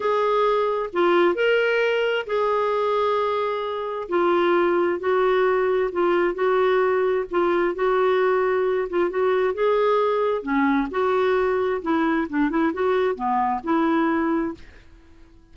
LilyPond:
\new Staff \with { instrumentName = "clarinet" } { \time 4/4 \tempo 4 = 132 gis'2 f'4 ais'4~ | ais'4 gis'2.~ | gis'4 f'2 fis'4~ | fis'4 f'4 fis'2 |
f'4 fis'2~ fis'8 f'8 | fis'4 gis'2 cis'4 | fis'2 e'4 d'8 e'8 | fis'4 b4 e'2 | }